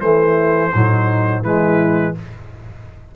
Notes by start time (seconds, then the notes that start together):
0.00 E3 A3 E4 C5
0.74 A2 F#3 D#4
1.42 E3 G#3 E4 B4